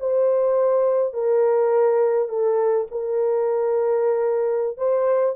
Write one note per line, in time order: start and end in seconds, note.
0.00 1.14 C5
1.14 2.29 A#4
2.29 2.87 A4
2.91 4.77 A#4
4.77 5.36 C5